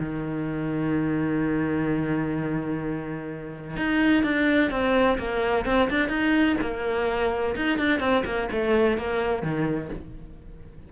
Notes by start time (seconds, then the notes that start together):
0.00 D#3
3.77 D#4
4.24 D4
4.71 C4
5.19 A#3
5.66 C4
5.90 D4
6.09 D#4
6.62 A#3
7.56 D#4
7.79 D4
8.00 C4
8.25 A#3
8.52 A3
8.98 A#3
9.43 D#3